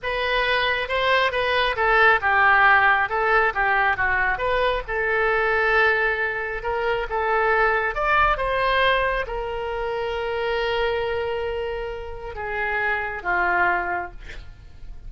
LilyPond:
\new Staff \with { instrumentName = "oboe" } { \time 4/4 \tempo 4 = 136 b'2 c''4 b'4 | a'4 g'2 a'4 | g'4 fis'4 b'4 a'4~ | a'2. ais'4 |
a'2 d''4 c''4~ | c''4 ais'2.~ | ais'1 | gis'2 f'2 | }